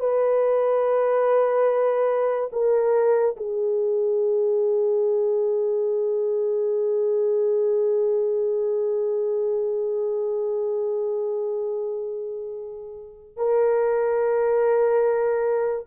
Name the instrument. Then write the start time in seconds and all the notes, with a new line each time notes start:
horn
0.00 B4
2.52 A#4
3.36 G#4
13.37 A#4